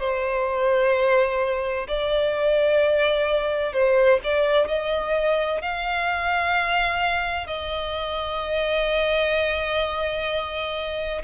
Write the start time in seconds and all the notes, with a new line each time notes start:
0.00 C5
1.88 D5
3.73 C5
4.24 D5
4.68 D#5
5.62 F5
7.47 D#5